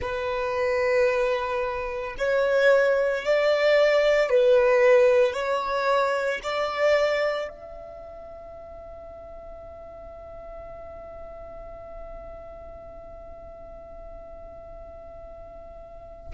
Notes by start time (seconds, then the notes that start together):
0.01 B4
2.17 C#5
3.24 D5
4.29 B4
5.33 C#5
6.42 D5
7.48 E5